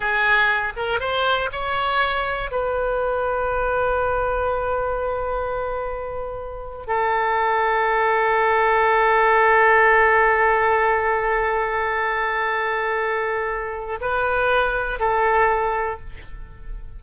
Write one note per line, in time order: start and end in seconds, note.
0.00 0.73 G#4
0.76 1.00 A#4
1.00 1.50 C5
1.52 2.51 C#5
2.51 6.87 B4
6.87 13.99 A4
14.00 14.99 B4
14.99 15.99 A4